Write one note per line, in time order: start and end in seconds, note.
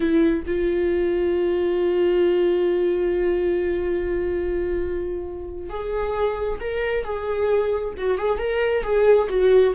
0.00 0.43 E4
0.46 5.69 F4
5.69 6.59 G#4
6.60 7.04 A#4
7.04 7.94 G#4
7.97 8.17 F#4
8.17 8.38 G#4
8.38 8.83 A#4
8.83 9.28 G#4
9.29 9.73 F#4